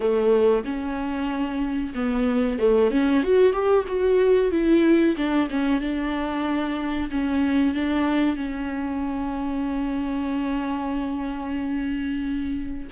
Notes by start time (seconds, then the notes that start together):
0.00 A3
0.64 C#4
1.94 B3
2.58 A3
2.90 C#4
3.23 F#4
3.52 G4
3.87 F#4
4.51 E4
5.16 D4
5.50 C#4
5.80 D4
7.11 C#4
7.74 D4
8.35 C#4